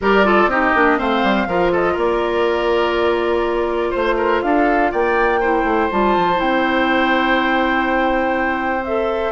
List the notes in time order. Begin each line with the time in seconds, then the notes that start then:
0.01 G3 G4 A#4 D5
0.24 F4 A4
0.46 C4 D#4 G4 D#5
0.74 A#3 D4
0.98 A3 C4 C5 F5
1.23 G3
1.46 F3 F4 A#4
1.71 A4 D#5
1.93 A#3 A#4 D5
3.90 A3 C5
4.16 A#4
4.42 D4 A4 F5
4.91 A#3 D5 G5
5.40 E4 C5
5.63 A3
5.90 G3 F4 A5
6.16 F3
6.35 C4 E4 G5
8.85 A4 E5